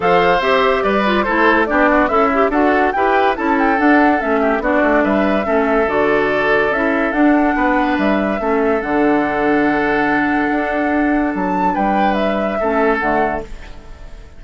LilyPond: <<
  \new Staff \with { instrumentName = "flute" } { \time 4/4 \tempo 4 = 143 f''4 e''4 d''4 c''4 | d''4 e''4 fis''4 g''4 | a''8 g''8 fis''4 e''4 d''4 | e''2 d''2 |
e''4 fis''2 e''4~ | e''4 fis''2.~ | fis''2. a''4 | g''4 e''2 fis''4 | }
  \new Staff \with { instrumentName = "oboe" } { \time 4/4 c''2 b'4 a'4 | g'8 fis'8 e'4 a'4 b'4 | a'2~ a'8 g'8 fis'4 | b'4 a'2.~ |
a'2 b'2 | a'1~ | a'1 | b'2 a'2 | }
  \new Staff \with { instrumentName = "clarinet" } { \time 4/4 a'4 g'4. f'8 e'4 | d'4 a'8 g'8 fis'4 g'4 | e'4 d'4 cis'4 d'4~ | d'4 cis'4 fis'2 |
e'4 d'2. | cis'4 d'2.~ | d'1~ | d'2 cis'4 a4 | }
  \new Staff \with { instrumentName = "bassoon" } { \time 4/4 f4 c'4 g4 a4 | b4 cis'4 d'4 e'4 | cis'4 d'4 a4 b8 a8 | g4 a4 d2 |
cis'4 d'4 b4 g4 | a4 d2.~ | d4 d'2 fis4 | g2 a4 d4 | }
>>